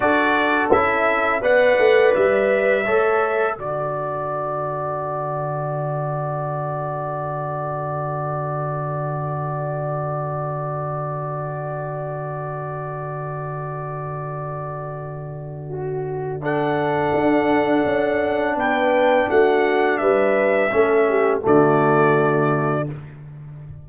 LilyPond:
<<
  \new Staff \with { instrumentName = "trumpet" } { \time 4/4 \tempo 4 = 84 d''4 e''4 fis''4 e''4~ | e''4 d''2.~ | d''1~ | d''1~ |
d''1~ | d''2. fis''4~ | fis''2 g''4 fis''4 | e''2 d''2 | }
  \new Staff \with { instrumentName = "horn" } { \time 4/4 a'2 d''2 | cis''4 a'2.~ | a'1~ | a'1~ |
a'1~ | a'2 fis'4 a'4~ | a'2 b'4 fis'4 | b'4 a'8 g'8 fis'2 | }
  \new Staff \with { instrumentName = "trombone" } { \time 4/4 fis'4 e'4 b'2 | a'4 fis'2.~ | fis'1~ | fis'1~ |
fis'1~ | fis'2. d'4~ | d'1~ | d'4 cis'4 a2 | }
  \new Staff \with { instrumentName = "tuba" } { \time 4/4 d'4 cis'4 b8 a8 g4 | a4 d2.~ | d1~ | d1~ |
d1~ | d1 | d'4 cis'4 b4 a4 | g4 a4 d2 | }
>>